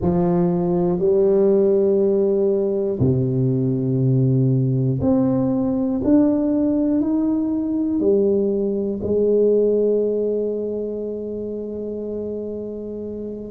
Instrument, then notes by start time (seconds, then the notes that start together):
tuba
0.01 F3
0.99 G3
2.99 C3
5.01 C4
6.04 D4
7.00 D#4
8.00 G3
9.02 G#3